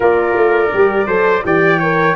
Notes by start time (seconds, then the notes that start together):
0.00 A#3 F4 A#4 D5
0.35 A3
0.73 G3 G4
1.06 F#3 A4 C5
1.44 E3 G4 D5 G5
1.79 A#4 C#5